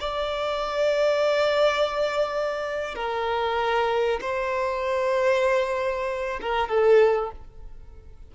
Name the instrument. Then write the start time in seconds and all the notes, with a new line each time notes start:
violin
0.00 D5
2.95 A#4
4.20 C5
6.41 A#4
6.68 A4